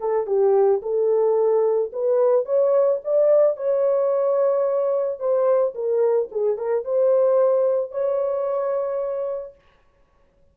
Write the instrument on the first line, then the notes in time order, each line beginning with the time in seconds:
horn
0.00 A4
0.27 G4
0.83 A4
1.93 B4
2.46 C#5
3.05 D5
3.57 C#5
5.20 C5
5.75 A#4
6.32 G#4
6.58 A#4
6.85 C5
7.92 C#5